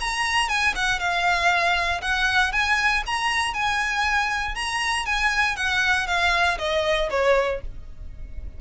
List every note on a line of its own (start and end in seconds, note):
0.00 0.48 A#5
0.48 0.73 G#5
0.75 0.99 F#5
0.99 2.01 F5
2.01 2.52 F#5
2.52 3.03 G#5
3.06 3.53 A#5
3.53 4.55 G#5
4.55 5.05 A#5
5.06 5.56 G#5
5.56 6.06 F#5
6.06 6.57 F5
6.58 7.09 D#5
7.10 7.61 C#5